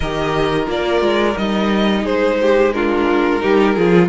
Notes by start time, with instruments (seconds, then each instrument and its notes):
0.00 cello D#3, viola G4, violin A#4 D#5
0.65 cello A#3, viola F4, violin D5
1.01 cello G#3
1.36 cello G3, viola D#4, violin D#5
2.03 cello G#3, violin G#4 C5
2.41 violin G4
2.72 viola D4, violin F4 A#4
3.40 cello G3, viola D#4, violin G4
3.75 cello F3, viola F4, violin G#4